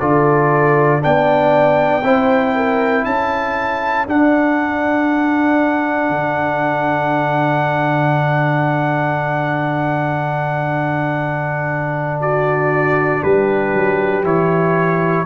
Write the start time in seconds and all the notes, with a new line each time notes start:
0.00 D3 F4 A4 D5
1.00 B3 D4 D5 G5
2.03 C4 E4 C5
2.56 A#4
3.05 C#4 A4 A5
4.08 D4 F#5
6.10 D3
12.21 F#4 D5
13.23 G3 G4 B4
13.74 F#3
14.24 E3 E4 C#5